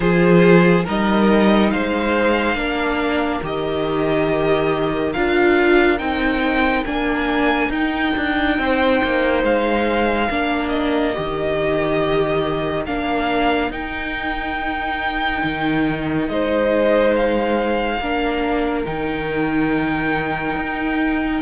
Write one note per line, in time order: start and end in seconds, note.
0.00 0.85 F3
0.00 0.85 F4
0.00 0.84 G#4
0.00 0.84 C5
0.84 1.73 G3
0.84 2.55 D#4
0.84 1.70 A#4
0.84 1.70 D#5
1.70 2.54 G#3
1.70 2.58 C5
1.70 3.42 F5
2.54 3.40 A#3
2.54 3.41 D4
2.54 8.58 A#4
3.42 5.14 D#3
3.42 5.14 G4
3.42 5.12 D#5
5.12 5.99 D4
5.12 5.98 F4
5.12 5.98 F5
5.98 6.85 C4
5.98 6.83 D#4
5.98 6.84 G5
6.85 7.69 A#3
6.85 7.71 D4
6.85 7.71 G#5
7.69 8.12 D#4
7.69 10.29 D#4
7.69 9.43 G5
8.16 8.58 D4
8.58 9.01 C4
8.58 10.29 C5
9.03 9.43 A#3
9.43 10.29 G#3
9.43 10.69 F5
10.29 11.16 A#3
10.29 11.13 D4
10.29 16.29 A#4
10.69 12.83 D#5
11.13 12.87 D#3
11.13 12.85 G4
12.86 13.70 A#3
12.86 13.70 D4
12.86 13.71 F5
13.70 15.41 D#4
13.70 17.99 D#4
13.70 16.29 G5
15.43 16.28 D#3
16.28 17.99 G#3
16.28 18.02 C5
16.28 17.14 D#5
17.15 18.85 F5
17.99 18.85 A#3
17.99 18.85 D4
17.99 21.41 A#4
18.85 20.55 D#3
18.85 21.41 D#4
18.85 21.41 G5
20.55 21.41 D#4